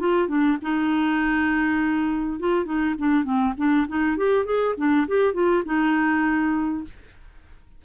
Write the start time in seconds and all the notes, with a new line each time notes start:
0.00 F4
0.28 D4
0.62 D#4
2.40 F4
2.65 D#4
2.99 D4
3.24 C4
3.57 D4
3.88 D#4
4.17 G4
4.46 G#4
4.77 D4
5.08 G4
5.34 F4
5.66 D#4